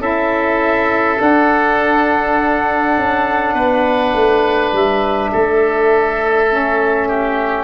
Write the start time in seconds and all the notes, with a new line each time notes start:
0.00 C#4 E4 A4 E5
1.16 D4 F#5
2.98 C#4
3.54 B3 B4
4.13 A3
4.73 G3 E5
5.33 A3 A4
6.50 C#4
7.09 G4